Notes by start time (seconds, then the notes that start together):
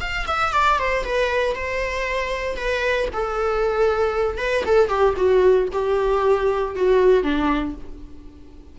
0.00 F5
0.27 E5
0.52 D5
0.78 C5
1.04 B4
1.55 C5
2.57 B4
3.13 A4
4.38 B4
4.66 A4
4.88 G4
5.16 F#4
5.72 G4
6.75 F#4
7.23 D4